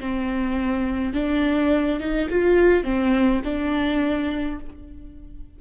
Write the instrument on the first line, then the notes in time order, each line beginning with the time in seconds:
viola
0.00 C4
1.14 D4
2.00 D#4
2.30 F4
2.84 C4
3.45 D4